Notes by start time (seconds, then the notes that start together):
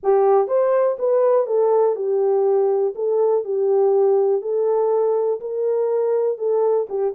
0.03 G4
0.47 C5
0.98 B4
1.46 A4
1.95 G4
2.95 A4
3.44 G4
4.42 A4
5.40 A#4
6.38 A4
6.89 G4